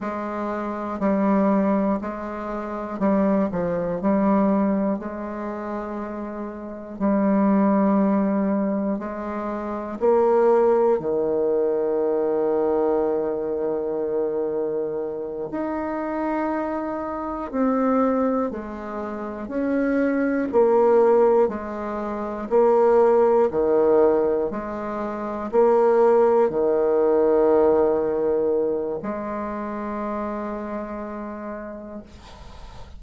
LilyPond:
\new Staff \with { instrumentName = "bassoon" } { \time 4/4 \tempo 4 = 60 gis4 g4 gis4 g8 f8 | g4 gis2 g4~ | g4 gis4 ais4 dis4~ | dis2.~ dis8 dis'8~ |
dis'4. c'4 gis4 cis'8~ | cis'8 ais4 gis4 ais4 dis8~ | dis8 gis4 ais4 dis4.~ | dis4 gis2. | }